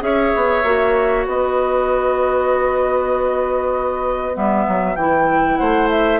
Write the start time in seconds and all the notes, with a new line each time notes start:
0.00 C#4 G#4 C#5 E5
0.35 B3
0.64 A#3 F#4
1.26 B3 B4 D#5
4.34 G3 B3 E5
4.67 F#3
4.95 E3 E4 G5
5.57 A3 C5 F#5
5.90 E5